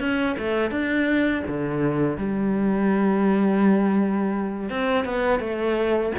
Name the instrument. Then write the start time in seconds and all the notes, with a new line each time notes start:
cello
0.00 C#4
0.39 A3
0.71 D4
1.48 D3
2.18 G3
4.70 C4
5.05 B3
5.40 A3